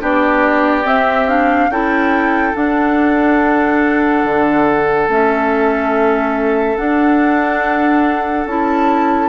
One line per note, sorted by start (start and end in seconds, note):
0.00 0.86 B3
0.00 0.83 D4
0.00 1.70 G4
0.00 0.87 D5
0.83 1.26 C4
0.83 1.69 C4
0.83 1.28 E5
1.27 1.70 D4
1.27 1.70 F5
1.69 2.53 C#4
1.69 2.53 E4
1.69 9.29 A4
1.69 2.55 G5
2.53 5.07 D4
2.53 4.24 D4
2.53 5.09 F#5
4.24 5.08 D3
5.08 6.77 A3
5.08 6.77 C#4
5.08 6.76 E5
6.76 8.46 D4
6.76 8.45 D4
6.76 8.45 F#5
8.45 9.29 C#4
8.45 9.29 E4
8.45 9.29 A5